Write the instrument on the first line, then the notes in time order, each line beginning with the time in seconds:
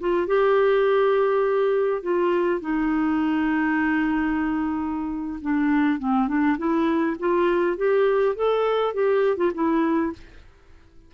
clarinet
0.00 F4
0.27 G4
2.03 F4
2.61 D#4
5.41 D4
5.99 C4
6.28 D4
6.58 E4
7.20 F4
7.77 G4
8.36 A4
8.94 G4
9.37 F4
9.55 E4